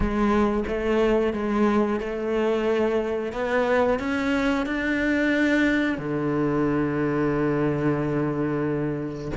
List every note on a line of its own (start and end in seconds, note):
0.00 0.64 G#3
0.67 1.33 A3
1.33 1.99 G#3
2.00 3.32 A3
3.32 3.98 B3
3.99 4.65 C#4
4.65 5.98 D4
5.98 9.31 D3